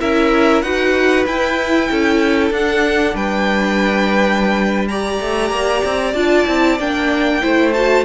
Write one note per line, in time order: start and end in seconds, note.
0.00 0.63 C#4
0.00 0.63 E4
0.00 0.64 A#4
0.00 0.62 E5
0.62 1.26 D#4
0.62 1.26 F#4
0.62 1.90 B4
0.62 1.25 F#5
1.26 1.90 E4
1.26 2.53 E4
1.26 2.53 G5
1.91 2.51 C#4
1.91 3.15 A4
2.51 3.14 D4
2.51 4.90 D4
2.51 3.16 F#5
3.14 5.20 G3
3.14 4.88 B4
3.14 4.88 G5
4.88 6.16 G4
4.88 7.42 D5
4.88 6.14 A#5
5.21 5.50 A3
5.50 5.82 A#3
5.85 6.14 C4
6.14 6.46 D4
6.14 6.47 F4
6.14 6.78 A5
6.47 6.79 C4
6.47 6.79 E4
6.79 7.42 A#3
6.79 7.42 D4
6.79 7.73 G5
7.42 8.05 A3
7.42 7.73 E4
7.42 8.05 C5
7.73 8.05 F#4
7.73 8.05 A5